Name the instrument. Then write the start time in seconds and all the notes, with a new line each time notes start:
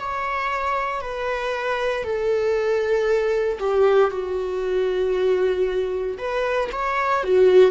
viola
0.00 C#5
1.02 B4
2.04 A4
3.60 G4
4.11 F#4
6.18 B4
6.72 C#5
7.24 F#4